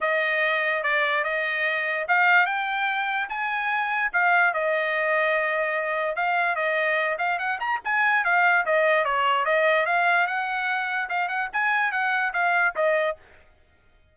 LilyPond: \new Staff \with { instrumentName = "trumpet" } { \time 4/4 \tempo 4 = 146 dis''2 d''4 dis''4~ | dis''4 f''4 g''2 | gis''2 f''4 dis''4~ | dis''2. f''4 |
dis''4. f''8 fis''8 ais''8 gis''4 | f''4 dis''4 cis''4 dis''4 | f''4 fis''2 f''8 fis''8 | gis''4 fis''4 f''4 dis''4 | }